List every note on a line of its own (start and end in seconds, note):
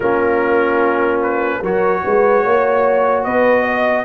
0.00 1.61 A#3
0.00 1.63 C#4
0.00 1.60 F4
0.00 1.20 A#4
1.22 1.63 B4
1.61 2.02 F#3
1.61 4.05 F#4
1.61 2.01 A#4
1.61 3.24 C#5
2.04 2.44 G#3
2.04 2.43 B4
2.43 3.26 A#3
2.43 3.24 C#5
3.24 4.05 B3
3.24 3.62 B4
3.24 4.05 D#5
3.62 4.02 D#5